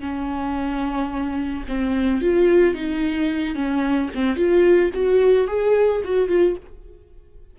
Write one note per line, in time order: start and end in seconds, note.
0.00 1.64 C#4
1.68 2.21 C4
2.21 2.74 F4
2.74 3.55 D#4
3.55 4.09 C#4
4.14 4.36 C4
4.36 4.90 F4
4.93 5.47 F#4
5.47 6.01 G#4
6.04 6.28 F#4
6.28 6.55 F4